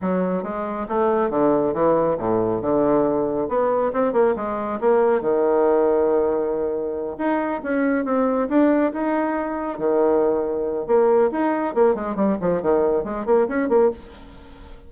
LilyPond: \new Staff \with { instrumentName = "bassoon" } { \time 4/4 \tempo 4 = 138 fis4 gis4 a4 d4 | e4 a,4 d2 | b4 c'8 ais8 gis4 ais4 | dis1~ |
dis8 dis'4 cis'4 c'4 d'8~ | d'8 dis'2 dis4.~ | dis4 ais4 dis'4 ais8 gis8 | g8 f8 dis4 gis8 ais8 cis'8 ais8 | }